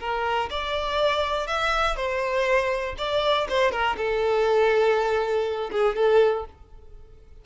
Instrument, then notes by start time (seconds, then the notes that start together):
violin
0.00 A#4
0.50 D5
1.47 E5
1.97 C5
2.98 D5
3.49 C5
3.72 A#4
3.97 A4
5.72 G#4
5.96 A4